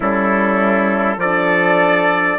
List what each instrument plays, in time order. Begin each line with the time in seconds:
0.00 bassoon G3, horn C#4, trumpet E4 A4
1.17 bassoon F3, trumpet A4 D5
1.24 horn D4